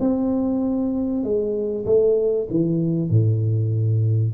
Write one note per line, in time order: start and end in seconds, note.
0.00 1.24 C4
1.24 1.86 G#3
1.86 2.48 A3
2.51 3.10 E3
3.10 4.34 A2